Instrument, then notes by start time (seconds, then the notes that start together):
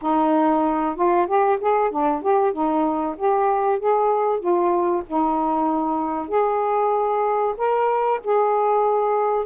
saxophone
0.01 D#4
0.95 F4
1.27 G4
1.60 G#4
1.90 D4
2.22 G4
2.53 D#4
3.17 G4
3.79 G#4
4.39 F4
5.07 D#4
6.28 G#4
7.57 A#4
8.23 G#4